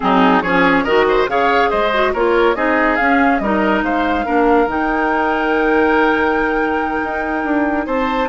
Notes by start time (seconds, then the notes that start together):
0.00 F#3 C4 D#4 G#4
0.41 F3 C#4 G#4 C#5
0.83 D#3 F#4 A#4 D#5
1.08 C5
1.27 C#3 G#4 C#5 F5
1.69 G#3 C5 D#5
1.93 F#4
2.13 A#3 F4 A#4 C#5
2.55 C4 D#4 G#4 D#5
2.96 C#4 F5
3.38 G3 D#4 A#4 D#5
3.82 G#3 C5 F5
4.25 A#3 D4 A#4
4.66 D#3 D#4 G5
7.04 D#4
7.44 D4
7.86 C4 C5 A5